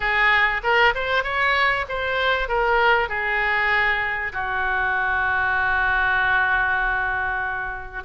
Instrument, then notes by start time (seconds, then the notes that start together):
oboe
0.00 G#4
0.63 A#4
0.94 C5
1.23 C#5
1.88 C5
2.48 A#4
3.08 G#4
4.32 F#4